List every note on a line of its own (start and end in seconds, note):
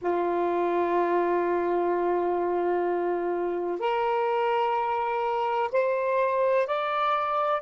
0.01 3.79 F4
3.79 5.70 A#4
5.71 6.66 C5
6.66 7.61 D5